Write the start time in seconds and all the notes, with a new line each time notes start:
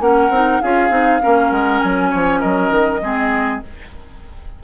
0.00 A#3 C#4 A#4 F#5
0.29 C4 D#4
0.61 C#4 F4 G#4 F5
0.90 C4 D#4
1.21 A#3 C#4 A#4
1.51 G#3 F#5
1.80 F#3 G#5
2.11 F3 C#5
2.40 F#3 A#4 D#5
2.71 D#3
3.02 G#3 C4 G#4